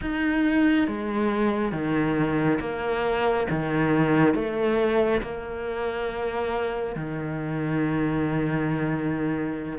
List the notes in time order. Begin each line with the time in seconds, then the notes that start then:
0.01 D#4
0.87 G#3
1.72 D#3
2.60 A#3
3.49 D#3
4.34 A3
5.21 A#3
6.95 D#3